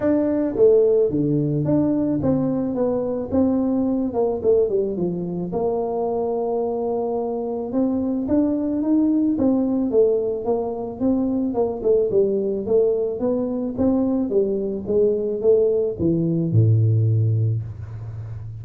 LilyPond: \new Staff \with { instrumentName = "tuba" } { \time 4/4 \tempo 4 = 109 d'4 a4 d4 d'4 | c'4 b4 c'4. ais8 | a8 g8 f4 ais2~ | ais2 c'4 d'4 |
dis'4 c'4 a4 ais4 | c'4 ais8 a8 g4 a4 | b4 c'4 g4 gis4 | a4 e4 a,2 | }